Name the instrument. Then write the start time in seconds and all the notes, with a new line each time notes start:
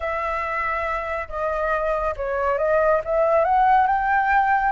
flute
0.00 E5
1.28 D#5
2.16 C#5
2.58 D#5
3.04 E5
3.44 F#5
3.87 G5